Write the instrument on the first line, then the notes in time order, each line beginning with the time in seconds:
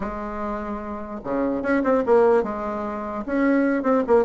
bassoon
0.00 G#3
1.24 C#3
1.62 C#4
1.83 C4
2.06 A#3
2.43 G#3
3.25 C#4
3.83 C4
4.07 A#3